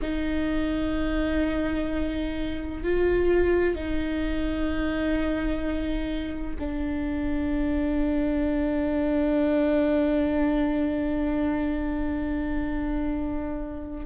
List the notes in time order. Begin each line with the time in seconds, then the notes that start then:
0.01 D#4
2.83 F4
3.75 D#4
6.58 D4